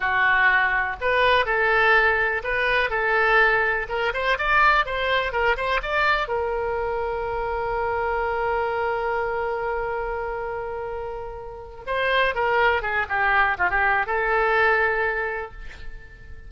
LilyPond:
\new Staff \with { instrumentName = "oboe" } { \time 4/4 \tempo 4 = 124 fis'2 b'4 a'4~ | a'4 b'4 a'2 | ais'8 c''8 d''4 c''4 ais'8 c''8 | d''4 ais'2.~ |
ais'1~ | ais'1~ | ais'8 c''4 ais'4 gis'8 g'4 | f'16 g'8. a'2. | }